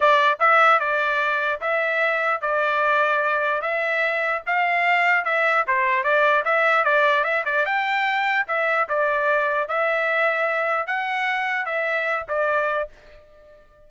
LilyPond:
\new Staff \with { instrumentName = "trumpet" } { \time 4/4 \tempo 4 = 149 d''4 e''4 d''2 | e''2 d''2~ | d''4 e''2 f''4~ | f''4 e''4 c''4 d''4 |
e''4 d''4 e''8 d''8 g''4~ | g''4 e''4 d''2 | e''2. fis''4~ | fis''4 e''4. d''4. | }